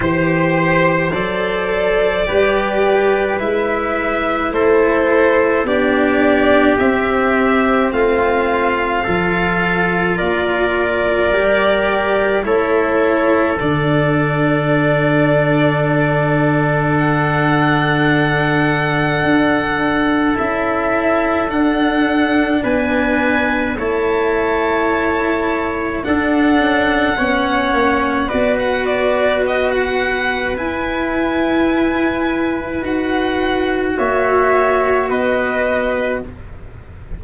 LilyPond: <<
  \new Staff \with { instrumentName = "violin" } { \time 4/4 \tempo 4 = 53 c''4 d''2 e''4 | c''4 d''4 e''4 f''4~ | f''4 d''2 cis''4 | d''2. fis''4~ |
fis''2 e''4 fis''4 | gis''4 a''2 fis''4~ | fis''4 d''16 fis''16 d''8 dis''16 fis''8. gis''4~ | gis''4 fis''4 e''4 dis''4 | }
  \new Staff \with { instrumentName = "trumpet" } { \time 4/4 c''2 b'2 | a'4 g'2 f'4 | a'4 ais'2 a'4~ | a'1~ |
a'1 | b'4 cis''2 a'4 | cis''4 b'2.~ | b'2 cis''4 b'4 | }
  \new Staff \with { instrumentName = "cello" } { \time 4/4 g'4 a'4 g'4 e'4~ | e'4 d'4 c'2 | f'2 g'4 e'4 | d'1~ |
d'2 e'4 d'4~ | d'4 e'2 d'4 | cis'4 fis'2 e'4~ | e'4 fis'2. | }
  \new Staff \with { instrumentName = "tuba" } { \time 4/4 e4 fis4 g4 gis4 | a4 b4 c'4 a4 | f4 ais4 g4 a4 | d1~ |
d4 d'4 cis'4 d'4 | b4 a2 d'8 cis'8 | b8 ais8 b2 e'4~ | e'4 dis'4 ais4 b4 | }
>>